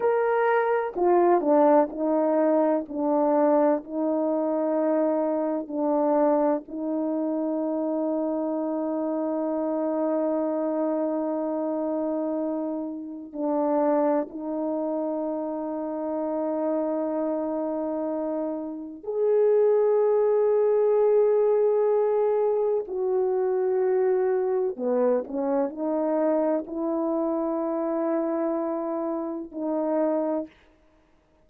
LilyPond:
\new Staff \with { instrumentName = "horn" } { \time 4/4 \tempo 4 = 63 ais'4 f'8 d'8 dis'4 d'4 | dis'2 d'4 dis'4~ | dis'1~ | dis'2 d'4 dis'4~ |
dis'1 | gis'1 | fis'2 b8 cis'8 dis'4 | e'2. dis'4 | }